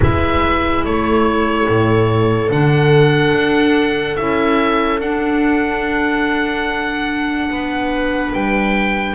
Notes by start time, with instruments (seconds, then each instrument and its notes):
0.00 double bass G#3, clarinet E4, viola B4, oboe E5
0.84 double bass A3, viola A4, oboe C#5
1.68 double bass A2
2.49 double bass D3, clarinet D4, oboe F#5
3.33 double bass D4
4.16 double bass C#4, clarinet E4, oboe E5
4.99 double bass D4, clarinet D4, oboe F#5
7.49 double bass B3, viola B4
8.33 double bass G3, oboe G5